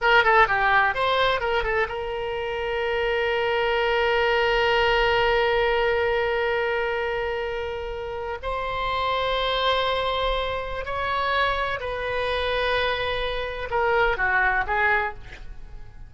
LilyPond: \new Staff \with { instrumentName = "oboe" } { \time 4/4 \tempo 4 = 127 ais'8 a'8 g'4 c''4 ais'8 a'8 | ais'1~ | ais'1~ | ais'1~ |
ais'4.~ ais'16 c''2~ c''16~ | c''2. cis''4~ | cis''4 b'2.~ | b'4 ais'4 fis'4 gis'4 | }